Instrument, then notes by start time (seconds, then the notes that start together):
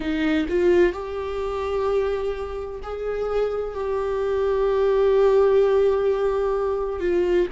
viola
0.00 D#4
0.49 F4
0.92 G4
2.82 G#4
3.74 G4
7.00 F4